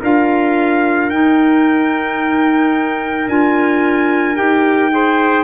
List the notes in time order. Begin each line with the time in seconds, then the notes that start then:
0.00 D4 F4 A#4 F5
1.09 D#4 G5
3.28 D4 F4 G#5
4.35 D#4 G4 G5
4.90 G#4 C5